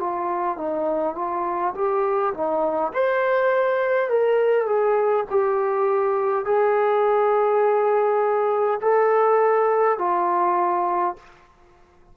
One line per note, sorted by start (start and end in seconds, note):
0.00 0.57 F4
0.57 1.15 D#4
1.15 1.74 F4
1.75 2.34 G4
2.34 2.93 D#4
2.94 4.09 C5
4.09 4.66 A#4
4.66 5.25 G#4
5.30 6.45 G4
6.45 8.80 G#4
8.81 9.98 A4
9.98 11.16 F4